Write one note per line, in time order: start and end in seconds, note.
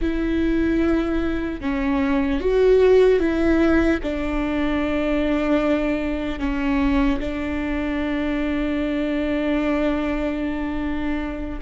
0.01 1.60 E4
1.60 2.40 C#4
2.40 3.19 F#4
3.19 3.99 E4
4.03 6.39 D4
6.39 7.19 C#4
7.19 11.59 D4